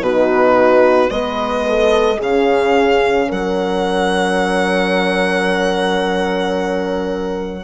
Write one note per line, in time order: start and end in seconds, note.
0.00 1.09 B2
0.00 1.08 D#4
0.00 1.11 F#4
0.00 1.10 B4
1.08 2.19 G#3
1.08 2.17 B3
1.08 1.66 B4
1.08 2.19 D#5
1.68 2.17 A4
2.17 3.28 C#3
2.17 7.63 C#4
2.17 3.26 G#4
2.17 3.31 F5
3.28 7.63 F#3
3.28 7.63 A#4
3.28 7.63 F#5